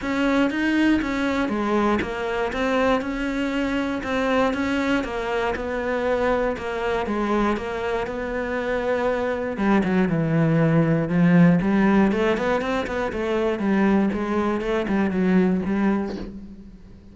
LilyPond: \new Staff \with { instrumentName = "cello" } { \time 4/4 \tempo 4 = 119 cis'4 dis'4 cis'4 gis4 | ais4 c'4 cis'2 | c'4 cis'4 ais4 b4~ | b4 ais4 gis4 ais4 |
b2. g8 fis8 | e2 f4 g4 | a8 b8 c'8 b8 a4 g4 | gis4 a8 g8 fis4 g4 | }